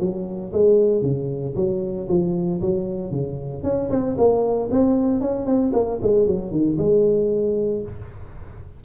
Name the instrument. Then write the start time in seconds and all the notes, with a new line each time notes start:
tuba
0.00 F#3
0.53 G#3
1.02 C#3
1.56 F#3
2.08 F3
2.61 F#3
3.11 C#3
3.63 C#4
3.90 C4
4.17 A#3
4.71 C4
5.21 C#4
5.46 C4
5.73 A#3
6.02 G#3
6.27 F#3
6.51 D#3
6.78 G#3